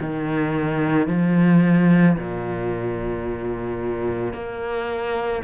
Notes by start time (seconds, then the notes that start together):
0.00 D#3
1.08 F3
2.17 A#2
4.33 A#3